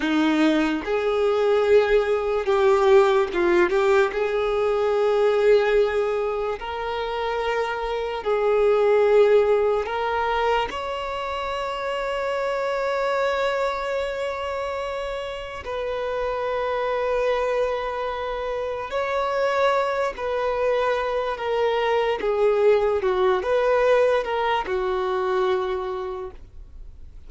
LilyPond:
\new Staff \with { instrumentName = "violin" } { \time 4/4 \tempo 4 = 73 dis'4 gis'2 g'4 | f'8 g'8 gis'2. | ais'2 gis'2 | ais'4 cis''2.~ |
cis''2. b'4~ | b'2. cis''4~ | cis''8 b'4. ais'4 gis'4 | fis'8 b'4 ais'8 fis'2 | }